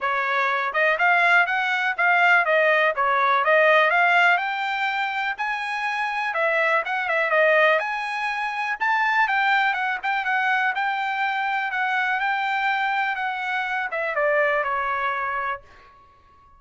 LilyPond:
\new Staff \with { instrumentName = "trumpet" } { \time 4/4 \tempo 4 = 123 cis''4. dis''8 f''4 fis''4 | f''4 dis''4 cis''4 dis''4 | f''4 g''2 gis''4~ | gis''4 e''4 fis''8 e''8 dis''4 |
gis''2 a''4 g''4 | fis''8 g''8 fis''4 g''2 | fis''4 g''2 fis''4~ | fis''8 e''8 d''4 cis''2 | }